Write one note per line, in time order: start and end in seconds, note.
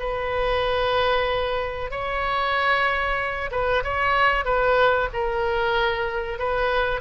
0.00 1.91 B4
1.91 3.51 C#5
3.52 3.84 B4
3.84 4.45 C#5
4.45 5.09 B4
5.14 6.39 A#4
6.39 7.01 B4